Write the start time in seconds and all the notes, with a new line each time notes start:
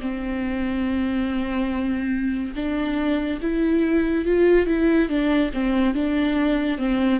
0.00 C4
2.55 D4
3.41 E4
4.24 F4
4.66 E4
5.08 D4
5.53 C4
5.94 D4
6.78 C4